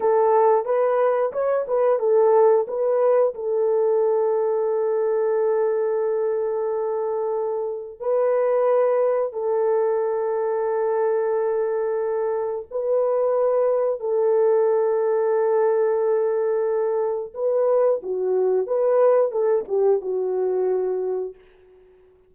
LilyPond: \new Staff \with { instrumentName = "horn" } { \time 4/4 \tempo 4 = 90 a'4 b'4 cis''8 b'8 a'4 | b'4 a'2.~ | a'1 | b'2 a'2~ |
a'2. b'4~ | b'4 a'2.~ | a'2 b'4 fis'4 | b'4 a'8 g'8 fis'2 | }